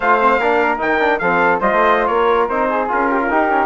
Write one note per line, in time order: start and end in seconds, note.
0.00 0.39 A3
0.00 0.20 F4
0.00 0.39 C5
0.00 0.79 F5
0.20 0.40 C4
0.39 0.79 A#3
0.39 0.78 D4
0.39 1.19 A#4
0.78 1.21 D#3
0.78 0.98 D#4
0.78 1.18 G5
1.00 1.20 D4
1.18 1.61 F3
1.18 1.60 C4
1.18 1.60 A4
1.18 1.58 F5
1.60 1.71 G3
1.60 2.50 F4
1.60 2.08 C5
1.60 2.06 D#5
1.71 2.09 A3
2.06 2.49 A#3
2.06 2.68 A#4
2.06 2.46 C#5
2.48 2.89 C4
2.48 2.88 D#4
2.48 2.88 C5
2.69 3.09 G#4
2.88 3.30 C#4
2.88 3.28 F4
2.88 3.66 A#4
3.09 3.19 G4
3.21 3.31 F4
3.29 3.49 D#4
3.29 3.66 D#4
3.29 3.66 G4
3.49 3.66 C#4